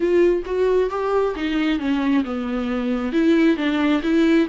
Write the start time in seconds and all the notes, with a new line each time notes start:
0.00 F4
0.45 F#4
0.90 G4
1.35 D#4
1.79 C#4
2.24 B3
3.12 E4
3.57 D4
4.02 E4